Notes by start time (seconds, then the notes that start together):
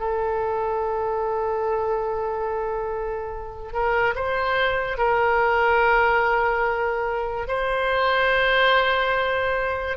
0.00 A4
3.73 A#4
4.16 C5
4.98 A#4
7.48 C5